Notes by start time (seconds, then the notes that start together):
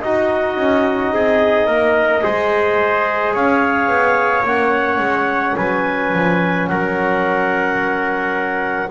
0.00 D#4 F#4 D#5
0.56 C#4
1.12 C4 G#4
1.66 A#3 A#4
2.22 G#3 G#4 C5
3.34 C#4 C#5 F5
3.88 B3
4.44 A#3 C#4 F#5
4.99 G#3
5.56 F#3 B4 G#5
6.13 F3
6.68 F#3 A#4 F#5